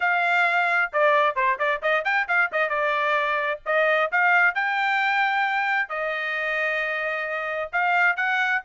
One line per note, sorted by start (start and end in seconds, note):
0.00 0.91 F5
0.92 1.35 D5
1.35 1.58 C5
1.58 1.81 D5
1.82 2.04 D#5
2.04 2.27 G5
2.28 2.50 F5
2.52 2.69 D#5
2.69 3.60 D5
3.65 4.11 D#5
4.11 4.55 F5
4.55 5.89 G5
5.89 7.70 D#5
7.72 8.16 F5
8.16 8.62 F#5